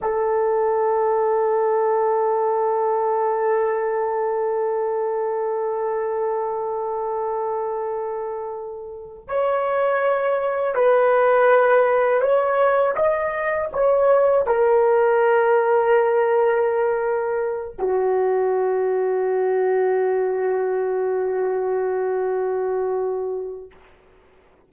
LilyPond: \new Staff \with { instrumentName = "horn" } { \time 4/4 \tempo 4 = 81 a'1~ | a'1~ | a'1~ | a'8 cis''2 b'4.~ |
b'8 cis''4 dis''4 cis''4 ais'8~ | ais'1 | fis'1~ | fis'1 | }